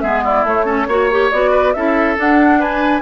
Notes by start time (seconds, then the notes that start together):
0.00 G#3 B3 G#4 E5
0.23 E4 D5
0.43 A3 C#5
0.65 C#4 A4
0.87 A#3 F#4 C#5
1.11 G4
1.30 B3 F#4 D5
1.51 B4
1.73 C#4 E4 A4 E5
2.16 D4 F#5
2.59 B4 G#5